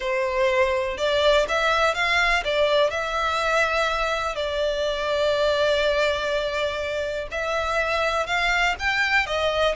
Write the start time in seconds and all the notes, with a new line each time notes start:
0.00 C5
0.97 D5
1.48 E5
1.94 F5
2.44 D5
2.90 E5
4.35 D5
7.31 E5
8.26 F5
8.79 G5
9.26 D#5